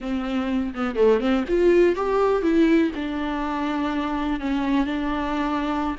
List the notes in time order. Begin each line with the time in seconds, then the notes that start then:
0.00 C4
0.74 B3
0.95 A3
1.20 C4
1.48 F4
1.95 G4
2.42 E4
2.95 D4
4.40 C#4
4.86 D4